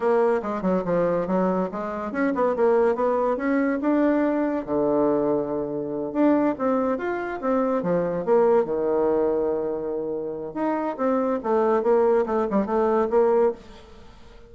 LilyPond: \new Staff \with { instrumentName = "bassoon" } { \time 4/4 \tempo 4 = 142 ais4 gis8 fis8 f4 fis4 | gis4 cis'8 b8 ais4 b4 | cis'4 d'2 d4~ | d2~ d8 d'4 c'8~ |
c'8 f'4 c'4 f4 ais8~ | ais8 dis2.~ dis8~ | dis4 dis'4 c'4 a4 | ais4 a8 g8 a4 ais4 | }